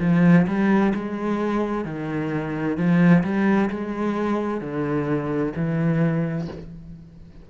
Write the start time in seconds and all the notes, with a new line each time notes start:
0.00 F3
0.47 G3
0.95 G#3
1.85 D#3
2.77 F3
3.23 G3
3.70 G#3
4.61 D3
5.56 E3